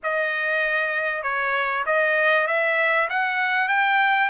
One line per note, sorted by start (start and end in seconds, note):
0.03 1.22 D#5
1.22 1.84 C#5
1.86 2.47 D#5
2.47 3.08 E5
3.09 3.68 F#5
3.68 4.29 G5